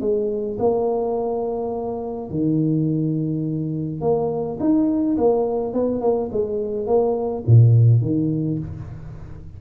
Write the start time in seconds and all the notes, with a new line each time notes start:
0.00 G#3
0.59 A#3
2.30 D#3
4.01 A#3
4.60 D#4
5.17 A#3
5.73 B3
6.01 A#3
6.32 G#3
6.87 A#3
7.46 A#2
8.02 D#3